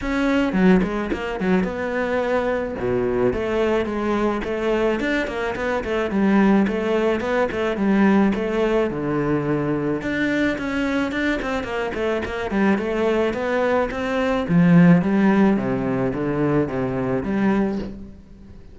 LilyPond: \new Staff \with { instrumentName = "cello" } { \time 4/4 \tempo 4 = 108 cis'4 fis8 gis8 ais8 fis8 b4~ | b4 b,4 a4 gis4 | a4 d'8 ais8 b8 a8 g4 | a4 b8 a8 g4 a4 |
d2 d'4 cis'4 | d'8 c'8 ais8 a8 ais8 g8 a4 | b4 c'4 f4 g4 | c4 d4 c4 g4 | }